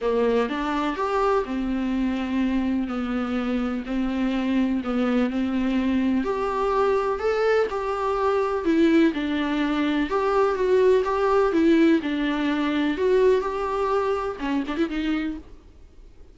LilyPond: \new Staff \with { instrumentName = "viola" } { \time 4/4 \tempo 4 = 125 ais4 d'4 g'4 c'4~ | c'2 b2 | c'2 b4 c'4~ | c'4 g'2 a'4 |
g'2 e'4 d'4~ | d'4 g'4 fis'4 g'4 | e'4 d'2 fis'4 | g'2 cis'8 d'16 e'16 dis'4 | }